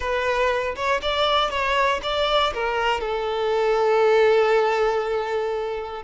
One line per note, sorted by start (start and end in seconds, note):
0.00 0.75 B4
0.75 1.01 C#5
1.02 1.50 D5
1.50 2.00 C#5
2.03 2.53 D5
2.53 3.00 A#4
3.00 6.03 A4